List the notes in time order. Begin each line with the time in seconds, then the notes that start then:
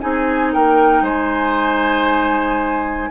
0.00 C4 D#4 G#4 G#5
0.52 A#3 A#4 G5
1.02 G#3 C5 G#5